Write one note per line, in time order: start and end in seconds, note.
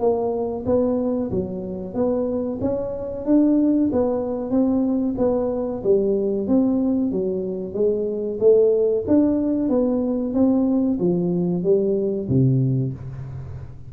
0.00 0.65 A#3
0.66 1.31 B3
1.31 1.94 F#3
1.94 2.59 B3
2.61 3.26 C#4
3.26 3.90 D4
3.92 4.51 B3
4.51 5.15 C4
5.18 5.83 B3
5.84 6.48 G3
6.48 7.11 C4
7.11 7.74 F#3
7.74 8.38 G#3
8.40 9.05 A3
9.08 9.69 D4
9.69 10.34 B3
10.34 10.99 C4
11.00 11.64 F3
11.64 12.28 G3
12.29 12.93 C3